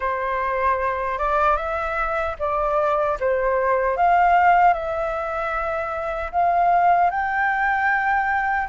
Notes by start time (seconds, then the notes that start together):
0.00 C5
1.18 D5
1.56 E5
2.39 D5
3.19 C5
3.96 F5
4.73 E5
6.31 F5
7.10 G5